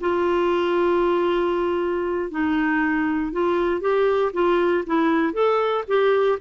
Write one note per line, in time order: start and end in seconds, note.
0.00 2.31 F4
2.31 3.32 D#4
3.32 3.80 F4
3.80 4.32 G4
4.33 4.84 F4
4.86 5.33 E4
5.33 5.84 A4
5.87 6.38 G4